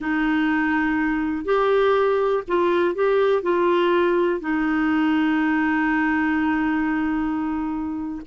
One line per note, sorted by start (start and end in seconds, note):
0.00 1.44 D#4
1.44 2.43 G4
2.47 2.94 F4
2.94 3.42 G4
3.42 4.40 F4
4.40 8.21 D#4